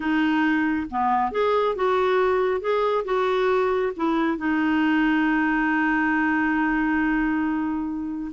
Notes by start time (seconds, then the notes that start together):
0.00 D#4
0.90 B3
1.31 G#4
1.75 F#4
2.60 G#4
3.04 F#4
3.96 E4
4.37 D#4